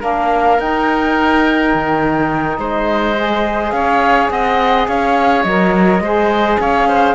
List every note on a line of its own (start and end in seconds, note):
0.00 0.59 A#3
0.00 0.58 D4
0.00 2.57 A#4
0.00 0.60 F5
0.58 3.15 D#4
0.58 1.74 D#4
0.58 2.60 G5
1.74 2.58 D#3
2.58 3.72 G#3
2.58 3.74 C5
2.58 3.71 D#5
3.17 5.46 G#4
3.71 4.30 C#4
3.71 4.32 C#5
3.71 4.28 F5
4.30 4.88 C4
4.30 4.89 D#5
4.30 4.87 F#5
4.88 5.44 C#4
4.88 6.03 C#5
4.88 5.43 F5
5.43 6.00 F#3
5.43 6.03 A#4
5.43 6.58 D#5
6.00 6.58 G#3
6.00 7.15 G#4
6.00 6.60 C5
6.60 7.15 C#4
6.60 6.88 C#5
6.60 7.15 F5
6.88 7.15 C5